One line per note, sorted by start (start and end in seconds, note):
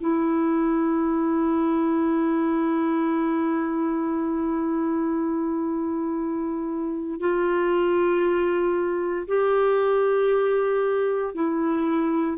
0.00 7.19 E4
7.19 9.26 F4
9.27 11.34 G4
11.34 12.37 E4